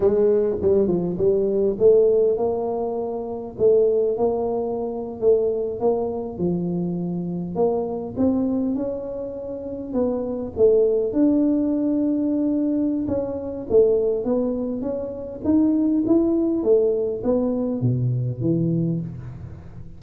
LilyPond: \new Staff \with { instrumentName = "tuba" } { \time 4/4 \tempo 4 = 101 gis4 g8 f8 g4 a4 | ais2 a4 ais4~ | ais8. a4 ais4 f4~ f16~ | f8. ais4 c'4 cis'4~ cis'16~ |
cis'8. b4 a4 d'4~ d'16~ | d'2 cis'4 a4 | b4 cis'4 dis'4 e'4 | a4 b4 b,4 e4 | }